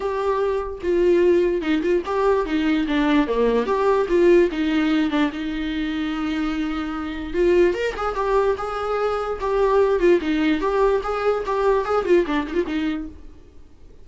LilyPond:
\new Staff \with { instrumentName = "viola" } { \time 4/4 \tempo 4 = 147 g'2 f'2 | dis'8 f'8 g'4 dis'4 d'4 | ais4 g'4 f'4 dis'4~ | dis'8 d'8 dis'2.~ |
dis'2 f'4 ais'8 gis'8 | g'4 gis'2 g'4~ | g'8 f'8 dis'4 g'4 gis'4 | g'4 gis'8 f'8 d'8 dis'16 f'16 dis'4 | }